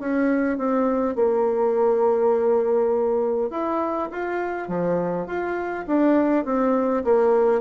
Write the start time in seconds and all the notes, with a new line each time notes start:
0.00 C#4
0.58 C4
1.16 A#3
3.51 E4
4.12 F4
4.68 F3
5.27 F4
5.87 D4
6.45 C4
7.05 A#3